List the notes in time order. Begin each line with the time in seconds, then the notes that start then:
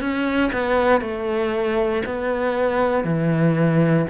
0.00 C#4
0.52 B3
1.01 A3
2.05 B3
3.04 E3